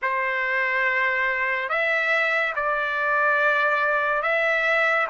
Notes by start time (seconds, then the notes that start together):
0.02 C5
1.69 E5
2.55 D5
4.22 E5